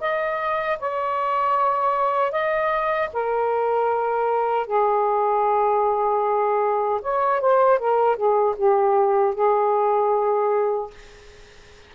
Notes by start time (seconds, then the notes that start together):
0.00 D#5
0.80 C#5
2.32 D#5
3.13 A#4
4.67 G#4
7.02 C#5
7.40 C5
7.79 A#4
8.16 G#4
8.57 G4
9.35 G#4